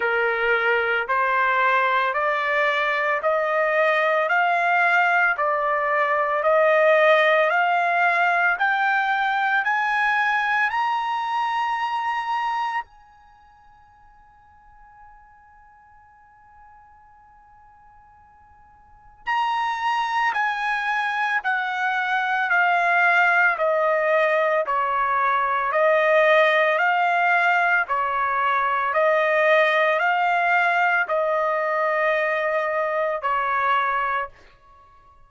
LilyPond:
\new Staff \with { instrumentName = "trumpet" } { \time 4/4 \tempo 4 = 56 ais'4 c''4 d''4 dis''4 | f''4 d''4 dis''4 f''4 | g''4 gis''4 ais''2 | gis''1~ |
gis''2 ais''4 gis''4 | fis''4 f''4 dis''4 cis''4 | dis''4 f''4 cis''4 dis''4 | f''4 dis''2 cis''4 | }